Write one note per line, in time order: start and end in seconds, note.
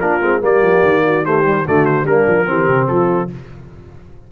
0.00 0.22 A#3
0.00 0.21 D4
0.00 0.42 F4
0.00 0.41 A#4
0.21 0.42 G#3
0.21 0.41 C4
0.41 0.62 G3
0.41 1.23 A#3
0.41 1.04 G4
0.41 1.26 D5
0.62 0.83 F3
0.83 1.65 D#3
1.05 1.25 F#4
1.25 1.44 A3
1.25 1.66 G4
1.25 1.67 C5
1.44 1.65 G3
1.65 2.04 D3
1.65 2.06 A3
1.65 2.06 F#4
1.65 1.86 D5
1.86 2.06 C5
2.04 2.24 G3
2.04 2.46 A#3
2.04 2.47 D4
2.04 2.88 A#4
2.27 2.48 F3
2.46 2.68 E3
2.46 3.28 C4
2.46 2.90 G4
2.68 2.88 C3
2.88 3.31 F3
2.88 3.32 F4
2.88 3.29 A4